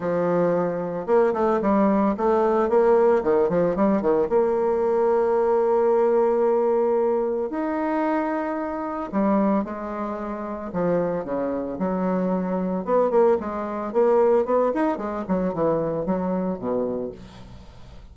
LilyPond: \new Staff \with { instrumentName = "bassoon" } { \time 4/4 \tempo 4 = 112 f2 ais8 a8 g4 | a4 ais4 dis8 f8 g8 dis8 | ais1~ | ais2 dis'2~ |
dis'4 g4 gis2 | f4 cis4 fis2 | b8 ais8 gis4 ais4 b8 dis'8 | gis8 fis8 e4 fis4 b,4 | }